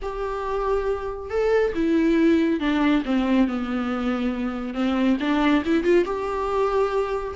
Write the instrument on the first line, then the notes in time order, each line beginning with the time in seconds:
viola
0.02 G4
1.29 A4
1.74 E4
2.60 D4
3.05 C4
3.47 B3
4.74 C4
5.20 D4
5.65 E4
5.83 F4
6.04 G4